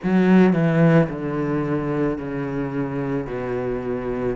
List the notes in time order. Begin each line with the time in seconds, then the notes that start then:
0.03 F#3
0.53 E3
1.09 D3
2.18 C#3
3.27 B2